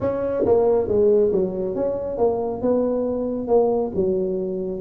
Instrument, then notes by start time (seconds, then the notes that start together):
tuba
0.01 C#4
0.45 A#3
0.88 G#3
1.32 F#3
1.75 C#4
2.17 A#3
2.61 B3
3.47 A#3
3.95 F#3